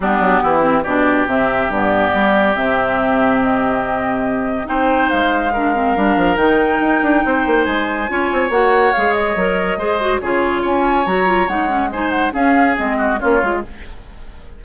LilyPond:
<<
  \new Staff \with { instrumentName = "flute" } { \time 4/4 \tempo 4 = 141 g'2 d''4 e''4 | d''2 e''2 | dis''2. g''4 | f''2. g''4~ |
g''2 gis''2 | fis''4 f''8 dis''2~ dis''8 | cis''4 gis''4 ais''4 fis''4 | gis''8 fis''8 f''4 dis''4 cis''4 | }
  \new Staff \with { instrumentName = "oboe" } { \time 4/4 d'4 e'4 g'2~ | g'1~ | g'2. c''4~ | c''4 ais'2.~ |
ais'4 c''2 cis''4~ | cis''2. c''4 | gis'4 cis''2. | c''4 gis'4. fis'8 f'4 | }
  \new Staff \with { instrumentName = "clarinet" } { \time 4/4 b4. c'8 d'4 c'4 | b2 c'2~ | c'2. dis'4~ | dis'4 d'8 c'8 d'4 dis'4~ |
dis'2. f'4 | fis'4 gis'4 ais'4 gis'8 fis'8 | f'2 fis'8 f'8 dis'8 cis'8 | dis'4 cis'4 c'4 cis'8 f'8 | }
  \new Staff \with { instrumentName = "bassoon" } { \time 4/4 g8 fis8 e4 b,4 c4 | g,4 g4 c2~ | c2. c'4 | gis2 g8 f8 dis4 |
dis'8 d'8 c'8 ais8 gis4 cis'8 c'8 | ais4 gis4 fis4 gis4 | cis4 cis'4 fis4 gis4~ | gis4 cis'4 gis4 ais8 gis8 | }
>>